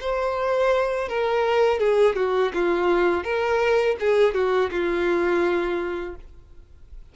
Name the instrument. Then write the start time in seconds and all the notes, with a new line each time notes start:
violin
0.00 C5
1.08 A#4
1.79 G#4
2.16 F#4
2.54 F4
3.24 A#4
4.00 G#4
4.34 F#4
4.71 F4